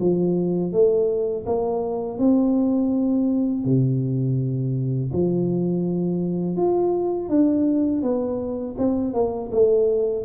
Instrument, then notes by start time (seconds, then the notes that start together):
tuba
0.00 F3
0.72 A3
1.46 A#3
2.19 C4
3.65 C3
5.13 F3
6.56 F4
7.29 D4
8.03 B3
8.78 C4
9.13 A#3
9.52 A3